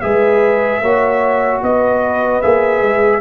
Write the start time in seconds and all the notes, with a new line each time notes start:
0.00 G#3 G#4 B4 E5
0.80 A#3 F#4 C#5
1.62 B3 B4 D#5
2.41 A#3 G#4 E5
2.81 G#3